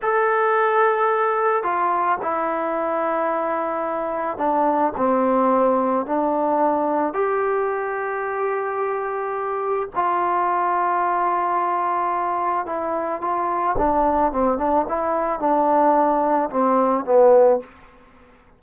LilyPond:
\new Staff \with { instrumentName = "trombone" } { \time 4/4 \tempo 4 = 109 a'2. f'4 | e'1 | d'4 c'2 d'4~ | d'4 g'2.~ |
g'2 f'2~ | f'2. e'4 | f'4 d'4 c'8 d'8 e'4 | d'2 c'4 b4 | }